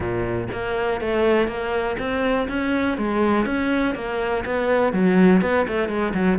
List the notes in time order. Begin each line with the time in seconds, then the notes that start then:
0.00 A#2
0.52 A#3
1.01 A3
1.47 A#3
1.98 C4
2.48 C#4
2.97 G#3
3.45 C#4
3.94 A#3
4.45 B3
4.92 F#3
5.41 B3
5.67 A3
5.88 G#3
6.14 F#3